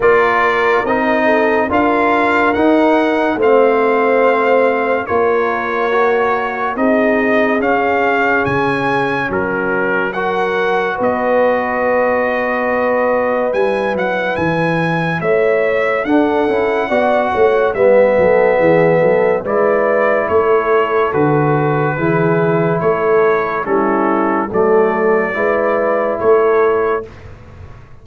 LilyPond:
<<
  \new Staff \with { instrumentName = "trumpet" } { \time 4/4 \tempo 4 = 71 d''4 dis''4 f''4 fis''4 | f''2 cis''2 | dis''4 f''4 gis''4 ais'4 | fis''4 dis''2. |
gis''8 fis''8 gis''4 e''4 fis''4~ | fis''4 e''2 d''4 | cis''4 b'2 cis''4 | a'4 d''2 cis''4 | }
  \new Staff \with { instrumentName = "horn" } { \time 4/4 ais'4. a'8 ais'2 | c''2 ais'2 | gis'2. fis'4 | ais'4 b'2.~ |
b'2 cis''4 a'4 | d''8 cis''8 b'8 a'8 gis'8 a'8 b'4 | a'2 gis'4 a'4 | e'4 a'4 b'4 a'4 | }
  \new Staff \with { instrumentName = "trombone" } { \time 4/4 f'4 dis'4 f'4 dis'4 | c'2 f'4 fis'4 | dis'4 cis'2. | fis'1 |
e'2. d'8 e'8 | fis'4 b2 e'4~ | e'4 fis'4 e'2 | cis'4 a4 e'2 | }
  \new Staff \with { instrumentName = "tuba" } { \time 4/4 ais4 c'4 d'4 dis'4 | a2 ais2 | c'4 cis'4 cis4 fis4~ | fis4 b2. |
g8 fis8 e4 a4 d'8 cis'8 | b8 a8 g8 fis8 e8 fis8 gis4 | a4 d4 e4 a4 | g4 fis4 gis4 a4 | }
>>